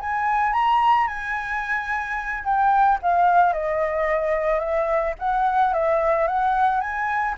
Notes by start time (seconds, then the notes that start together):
0.00 G#5
0.53 A#5
1.07 G#5
2.44 G5
3.02 F5
3.53 D#5
4.59 E5
5.19 F#5
5.73 E5
6.27 F#5
6.81 G#5